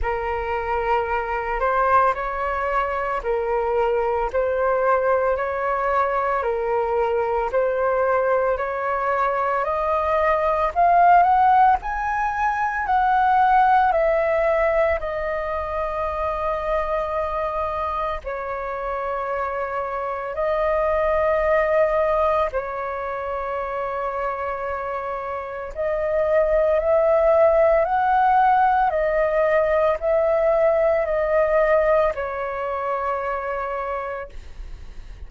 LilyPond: \new Staff \with { instrumentName = "flute" } { \time 4/4 \tempo 4 = 56 ais'4. c''8 cis''4 ais'4 | c''4 cis''4 ais'4 c''4 | cis''4 dis''4 f''8 fis''8 gis''4 | fis''4 e''4 dis''2~ |
dis''4 cis''2 dis''4~ | dis''4 cis''2. | dis''4 e''4 fis''4 dis''4 | e''4 dis''4 cis''2 | }